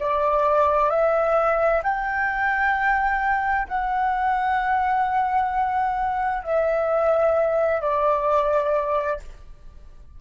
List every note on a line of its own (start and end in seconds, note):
0.00 0.90 D5
0.90 1.83 E5
1.83 3.68 G5
3.68 6.44 F#5
6.44 7.81 E5
7.81 9.20 D5